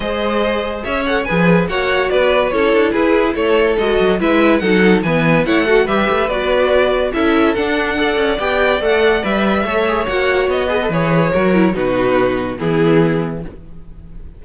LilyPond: <<
  \new Staff \with { instrumentName = "violin" } { \time 4/4 \tempo 4 = 143 dis''2 e''8 fis''8 gis''4 | fis''4 d''4 cis''4 b'4 | cis''4 dis''4 e''4 fis''4 | gis''4 fis''4 e''4 d''4~ |
d''4 e''4 fis''2 | g''4 fis''4 e''2 | fis''4 dis''4 cis''2 | b'2 gis'2 | }
  \new Staff \with { instrumentName = "violin" } { \time 4/4 c''2 cis''4 b'4 | cis''4 b'4 a'4 gis'4 | a'2 b'4 a'4 | b'4 cis''8 a'8 b'2~ |
b'4 a'2 d''4~ | d''2. cis''4~ | cis''4. b'4. ais'4 | fis'2 e'2 | }
  \new Staff \with { instrumentName = "viola" } { \time 4/4 gis'2~ gis'8 a'8 gis'4 | fis'2 e'2~ | e'4 fis'4 e'4 dis'4 | b4 e'8 fis'8 g'4 fis'4~ |
fis'4 e'4 d'4 a'4 | g'4 a'4 b'4 a'8 gis'8 | fis'4. gis'16 a'16 gis'4 fis'8 e'8 | dis'2 b2 | }
  \new Staff \with { instrumentName = "cello" } { \time 4/4 gis2 cis'4 f4 | ais4 b4 cis'8 d'8 e'4 | a4 gis8 fis8 gis4 fis4 | e4 a4 g8 a8 b4~ |
b4 cis'4 d'4. cis'8 | b4 a4 g4 a4 | ais4 b4 e4 fis4 | b,2 e2 | }
>>